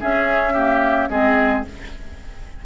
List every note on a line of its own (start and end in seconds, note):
0.00 0.55 C#4
0.00 1.10 C#4
0.00 0.54 G#4
0.00 1.10 E5
0.54 1.10 A#3
0.54 1.09 G4
1.10 1.65 G#3
1.10 1.65 C4
1.10 1.66 G#4
1.10 1.65 D#5